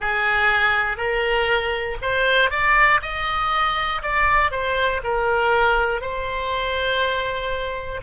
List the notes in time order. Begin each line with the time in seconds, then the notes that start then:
0.00 G#4
0.97 A#4
2.01 C5
2.50 D5
3.01 D#5
4.02 D5
4.51 C5
5.03 A#4
6.00 C5